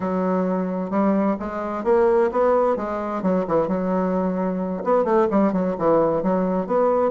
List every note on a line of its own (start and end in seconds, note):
0.00 0.90 F#3
0.90 1.36 G3
1.39 1.84 G#3
1.84 2.30 A#3
2.31 2.76 B3
2.76 3.22 G#3
3.22 3.45 F#3
3.47 3.68 E3
3.68 4.83 F#3
4.84 5.04 B3
5.04 5.27 A3
5.30 5.52 G3
5.52 5.75 F#3
5.78 6.22 E3
6.22 6.66 F#3
6.66 7.11 B3